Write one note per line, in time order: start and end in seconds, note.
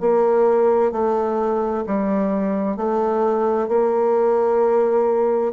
0.00 0.92 A#3
0.92 1.84 A3
1.87 2.77 G3
2.77 3.68 A3
3.68 5.53 A#3